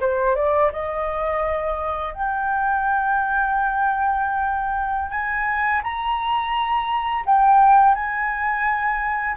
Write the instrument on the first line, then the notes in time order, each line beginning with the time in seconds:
flute
0.00 C5
0.35 D5
0.72 D#5
2.13 G5
5.10 G#5
5.83 A#5
7.25 G5
7.94 G#5